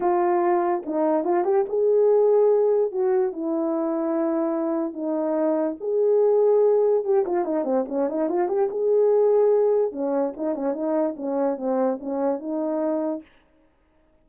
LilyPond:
\new Staff \with { instrumentName = "horn" } { \time 4/4 \tempo 4 = 145 f'2 dis'4 f'8 g'8 | gis'2. fis'4 | e'1 | dis'2 gis'2~ |
gis'4 g'8 f'8 dis'8 c'8 cis'8 dis'8 | f'8 g'8 gis'2. | cis'4 dis'8 cis'8 dis'4 cis'4 | c'4 cis'4 dis'2 | }